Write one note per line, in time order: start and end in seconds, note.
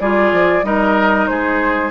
0.00 0.32 G3
0.00 0.64 F4
0.00 0.65 G#4
0.00 0.64 D5
0.32 0.63 F3
0.63 1.28 G3
0.63 1.92 D#4
0.63 1.30 A#4
0.63 1.27 D#5
1.27 1.92 G#3
1.27 1.92 G#4
1.27 1.91 C5